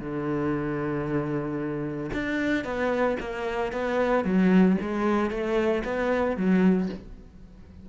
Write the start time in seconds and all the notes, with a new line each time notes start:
0.00 D3
2.13 D4
2.64 B3
3.20 A#3
3.72 B3
4.24 F#3
4.81 G#3
5.30 A3
5.84 B3
6.37 F#3